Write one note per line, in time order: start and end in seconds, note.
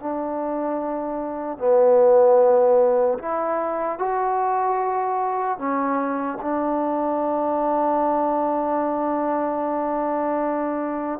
0.00 1.59 D4
1.59 3.19 B3
3.19 3.99 E4
3.99 5.58 F#4
5.58 6.38 C#4
6.42 11.20 D4